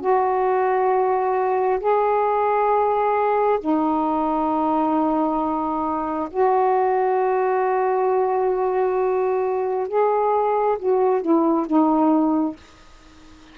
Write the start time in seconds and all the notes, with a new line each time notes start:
0.00 F#4
1.80 G#4
3.60 D#4
6.30 F#4
9.88 G#4
10.79 F#4
11.21 E4
11.66 D#4